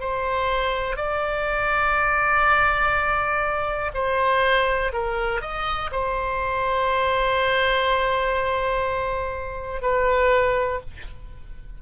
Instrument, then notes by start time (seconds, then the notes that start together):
oboe
0.00 C5
0.96 D5
3.94 C5
4.93 A#4
5.41 D#5
5.92 C5
9.81 B4